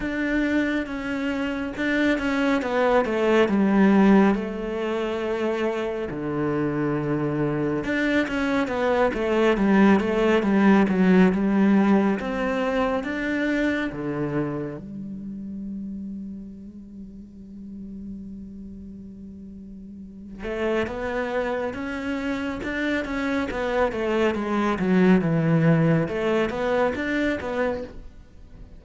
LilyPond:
\new Staff \with { instrumentName = "cello" } { \time 4/4 \tempo 4 = 69 d'4 cis'4 d'8 cis'8 b8 a8 | g4 a2 d4~ | d4 d'8 cis'8 b8 a8 g8 a8 | g8 fis8 g4 c'4 d'4 |
d4 g2.~ | g2.~ g8 a8 | b4 cis'4 d'8 cis'8 b8 a8 | gis8 fis8 e4 a8 b8 d'8 b8 | }